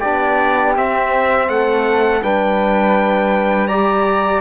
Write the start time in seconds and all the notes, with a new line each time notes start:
0.00 B3 D4 G4 D5
0.75 C4 E5
1.48 A3 A4 F#5
2.23 G3 D4 B4 G5
3.67 G4 D5 A#5